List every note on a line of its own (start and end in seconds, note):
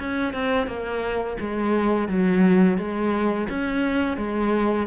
0.00 0.34 C#4
0.34 0.68 C4
0.68 1.37 A#3
1.41 2.09 G#3
2.09 2.78 F#3
2.78 3.48 G#3
3.49 4.18 C#4
4.18 4.87 G#3